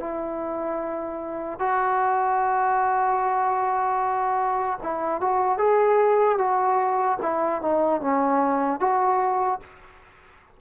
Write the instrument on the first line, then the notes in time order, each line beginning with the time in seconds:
trombone
0.00 E4
1.59 F#4
4.83 E4
5.21 F#4
5.58 G#4
6.38 F#4
7.23 E4
7.62 D#4
8.01 C#4
8.80 F#4